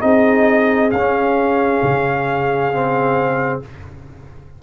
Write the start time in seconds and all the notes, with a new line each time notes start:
0.00 C4 D#4 G#4 D#5
0.91 C#4 F5
0.97 C#4
1.83 C#3
2.73 C4